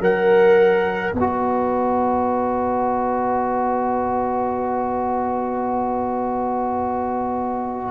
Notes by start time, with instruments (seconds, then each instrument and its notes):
0.00 tuba F#3, trombone A#4, horn A#4, trumpet F#5
1.12 tuba B3, horn B4, trumpet D#5
1.19 trombone F#4